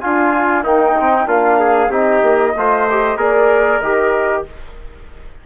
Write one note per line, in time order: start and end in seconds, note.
0.00 0.66 D4
0.00 0.63 F4
0.00 0.64 F4
0.00 0.63 G#5
0.63 0.95 A#3
0.63 1.27 D#4
0.63 1.30 G5
1.00 1.26 C4
1.26 1.90 A#3
1.26 1.89 D4
1.26 1.59 F4
1.26 1.93 F5
1.60 1.91 G#4
1.90 2.21 C4
1.90 2.56 D#4
1.90 2.54 G4
1.90 3.20 D#5
2.23 2.54 A#3
2.56 3.17 A3
2.56 2.89 F4
2.56 3.17 C5
2.90 3.18 G4
3.17 3.80 A#3
3.17 3.81 G#4
3.17 4.44 A#4
3.17 3.81 D5
3.81 4.45 D#3
3.81 4.46 G4
3.81 4.44 D#5